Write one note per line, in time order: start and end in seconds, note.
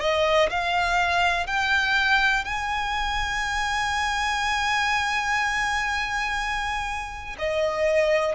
0.00 0.49 D#5
0.50 1.46 F5
1.46 2.45 G5
2.45 7.36 G#5
7.39 8.35 D#5